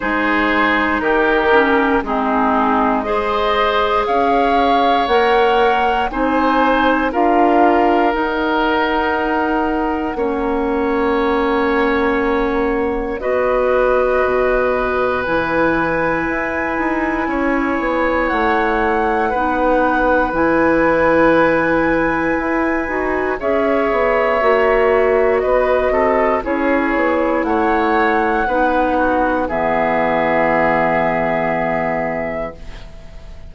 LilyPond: <<
  \new Staff \with { instrumentName = "flute" } { \time 4/4 \tempo 4 = 59 c''4 ais'4 gis'4 dis''4 | f''4 fis''4 gis''4 f''4 | fis''1~ | fis''4 dis''2 gis''4~ |
gis''2 fis''2 | gis''2. e''4~ | e''4 dis''4 cis''4 fis''4~ | fis''4 e''2. | }
  \new Staff \with { instrumentName = "oboe" } { \time 4/4 gis'4 g'4 dis'4 c''4 | cis''2 c''4 ais'4~ | ais'2 cis''2~ | cis''4 b'2.~ |
b'4 cis''2 b'4~ | b'2. cis''4~ | cis''4 b'8 a'8 gis'4 cis''4 | b'8 fis'8 gis'2. | }
  \new Staff \with { instrumentName = "clarinet" } { \time 4/4 dis'4. cis'8 c'4 gis'4~ | gis'4 ais'4 dis'4 f'4 | dis'2 cis'2~ | cis'4 fis'2 e'4~ |
e'2. dis'4 | e'2~ e'8 fis'8 gis'4 | fis'2 e'2 | dis'4 b2. | }
  \new Staff \with { instrumentName = "bassoon" } { \time 4/4 gis4 dis4 gis2 | cis'4 ais4 c'4 d'4 | dis'2 ais2~ | ais4 b4 b,4 e4 |
e'8 dis'8 cis'8 b8 a4 b4 | e2 e'8 dis'8 cis'8 b8 | ais4 b8 c'8 cis'8 b8 a4 | b4 e2. | }
>>